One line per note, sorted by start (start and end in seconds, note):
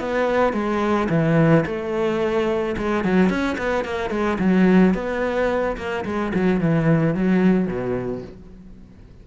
0.00 0.54 B3
0.54 1.09 G#3
1.10 1.65 E3
1.66 2.76 A3
2.78 3.05 G#3
3.05 3.30 F#3
3.30 3.57 C#4
3.58 3.85 B3
3.85 4.11 A#3
4.11 4.38 G#3
4.39 4.94 F#3
4.94 5.77 B3
5.77 6.05 A#3
6.06 6.33 G#3
6.35 6.61 F#3
6.61 7.15 E3
7.15 7.67 F#3
7.67 8.22 B2